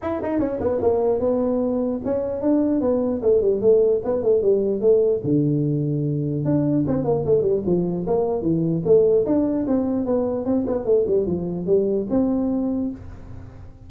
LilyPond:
\new Staff \with { instrumentName = "tuba" } { \time 4/4 \tempo 4 = 149 e'8 dis'8 cis'8 b8 ais4 b4~ | b4 cis'4 d'4 b4 | a8 g8 a4 b8 a8 g4 | a4 d2. |
d'4 c'8 ais8 a8 g8 f4 | ais4 e4 a4 d'4 | c'4 b4 c'8 b8 a8 g8 | f4 g4 c'2 | }